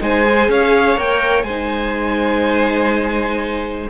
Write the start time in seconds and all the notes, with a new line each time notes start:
0.00 G#3 D#4 C5 G#5
0.24 G#4
0.49 C#4 C#5 F5
0.97 A#3 A#4 G5
1.43 G#3 D#4 C5 G#5